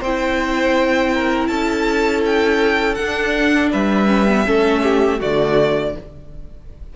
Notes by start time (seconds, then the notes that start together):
0.00 C4 E4 C5 G5
1.14 A#4
1.47 C#4 A4 A5
2.26 G5
2.95 D4 F#5
3.71 G3 B4 E5
4.07 C#4
4.28 B3
4.46 A3 C#4 A4
4.83 G4
5.19 D3 A3 F#4 D5